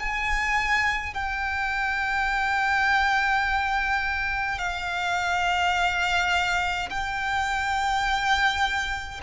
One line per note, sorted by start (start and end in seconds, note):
0.00 1.14 G#5
1.14 4.59 G5
4.59 6.90 F5
6.90 9.21 G5